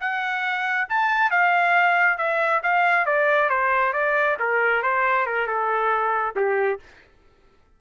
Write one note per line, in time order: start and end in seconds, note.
0.00 0.88 F#5
0.88 1.30 A5
1.30 2.18 F5
2.18 2.61 E5
2.62 3.05 F5
3.05 3.49 D5
3.49 3.93 C5
3.93 4.37 D5
4.39 4.82 A#4
4.82 5.26 C5
5.26 5.46 A#4
5.46 6.34 A4
6.35 6.79 G4